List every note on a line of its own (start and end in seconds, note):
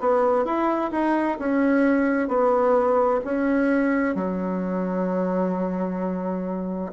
0.00 0.45 B3
0.45 0.91 E4
0.91 1.38 D#4
1.39 2.28 C#4
2.28 3.20 B3
3.25 4.15 C#4
4.15 6.92 F#3